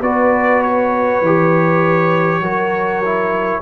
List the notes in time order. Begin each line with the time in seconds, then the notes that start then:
0.00 B3 F#4 B4 D5
0.62 C#5
1.21 E3 G4
2.40 F#3 F#4 A#4
3.04 E4